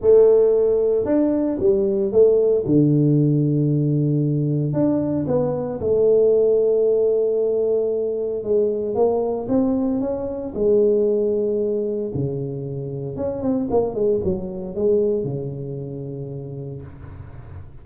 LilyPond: \new Staff \with { instrumentName = "tuba" } { \time 4/4 \tempo 4 = 114 a2 d'4 g4 | a4 d2.~ | d4 d'4 b4 a4~ | a1 |
gis4 ais4 c'4 cis'4 | gis2. cis4~ | cis4 cis'8 c'8 ais8 gis8 fis4 | gis4 cis2. | }